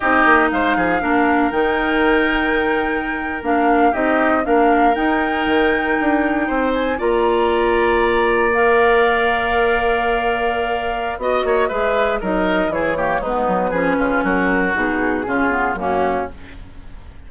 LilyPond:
<<
  \new Staff \with { instrumentName = "flute" } { \time 4/4 \tempo 4 = 118 dis''4 f''2 g''4~ | g''2~ g''8. f''4 dis''16~ | dis''8. f''4 g''2~ g''16~ | g''4~ g''16 gis''8 ais''2~ ais''16~ |
ais''8. f''2.~ f''16~ | f''2 dis''4 e''4 | dis''4 cis''4 b'2 | ais'4 gis'2 fis'4 | }
  \new Staff \with { instrumentName = "oboe" } { \time 4/4 g'4 c''8 gis'8 ais'2~ | ais'2.~ ais'8. g'16~ | g'8. ais'2.~ ais'16~ | ais'8. c''4 d''2~ d''16~ |
d''1~ | d''2 dis''8 cis''8 b'4 | ais'4 gis'8 g'8 dis'4 gis'8 f'8 | fis'2 f'4 cis'4 | }
  \new Staff \with { instrumentName = "clarinet" } { \time 4/4 dis'2 d'4 dis'4~ | dis'2~ dis'8. d'4 dis'16~ | dis'8. d'4 dis'2~ dis'16~ | dis'4.~ dis'16 f'2~ f'16~ |
f'8. ais'2.~ ais'16~ | ais'2 fis'4 gis'4 | dis'4 e'8 ais8 b4 cis'4~ | cis'4 dis'4 cis'8 b8 ais4 | }
  \new Staff \with { instrumentName = "bassoon" } { \time 4/4 c'8 ais8 gis8 f8 ais4 dis4~ | dis2~ dis8. ais4 c'16~ | c'8. ais4 dis'4 dis4 d'16~ | d'8. c'4 ais2~ ais16~ |
ais1~ | ais2 b8 ais8 gis4 | fis4 e4 gis8 fis8 f8 cis8 | fis4 b,4 cis4 fis,4 | }
>>